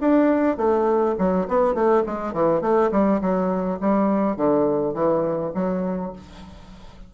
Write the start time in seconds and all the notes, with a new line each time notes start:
0.00 D4
0.57 A3
1.18 F#3
1.48 B3
1.74 A3
2.05 G#3
2.33 E3
2.61 A3
2.92 G3
3.21 F#3
3.80 G3
4.36 D3
4.94 E3
5.54 F#3